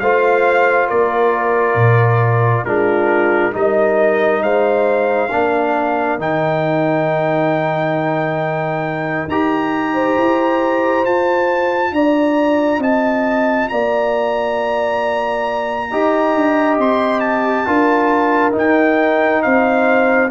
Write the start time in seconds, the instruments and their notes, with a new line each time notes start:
0.00 tuba A3, trombone F4, horn C5, trumpet F5
0.88 tuba A#3, horn A#4, trumpet D5
1.76 tuba A#2
2.65 tuba G#3, trombone D4, horn F4, trumpet A#4
3.53 tuba G3, trombone D#4, horn A#4, trumpet D#5
4.43 tuba G#3, horn C5, trumpet F5
5.31 tuba A#3, trombone D4, horn A#4
6.18 tuba D#3, trombone D#4, trumpet G5
9.28 tuba D#4, trombone G4, trumpet A#5
9.94 horn C5
10.17 tuba E4
11.05 tuba F4, trombone F4, trumpet A5
11.92 tuba D4, horn D5, trumpet A#5
12.79 tuba C4, horn D#5, trumpet A5
13.69 tuba A#3, horn D5, trumpet A#5
15.91 tuba D#4, trombone G4, horn D#5
16.35 tuba D4
16.78 tuba C4, trumpet C6
17.20 trumpet A5
17.67 tuba D4, trombone F4, horn A#4
18.52 trombone D#4, tuba D#4
18.58 trumpet G5
19.43 tuba C4, horn C5, trumpet F5